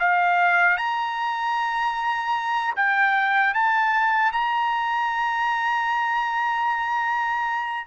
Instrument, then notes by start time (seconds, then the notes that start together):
trumpet
0.00 F5
0.78 A#5
2.77 G5
3.55 A5
4.32 A#5